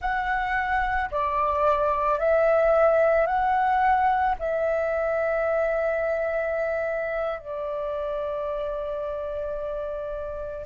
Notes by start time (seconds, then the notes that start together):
0.00 F#5
1.10 D5
2.19 E5
3.26 F#5
4.39 E5
7.39 D5